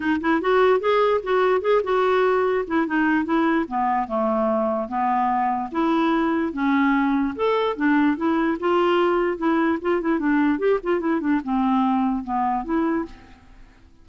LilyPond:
\new Staff \with { instrumentName = "clarinet" } { \time 4/4 \tempo 4 = 147 dis'8 e'8 fis'4 gis'4 fis'4 | gis'8 fis'2 e'8 dis'4 | e'4 b4 a2 | b2 e'2 |
cis'2 a'4 d'4 | e'4 f'2 e'4 | f'8 e'8 d'4 g'8 f'8 e'8 d'8 | c'2 b4 e'4 | }